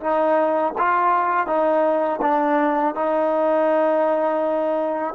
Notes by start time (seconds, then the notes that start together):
0.00 D#4
0.78 F4
1.47 D#4
2.22 D4
2.95 D#4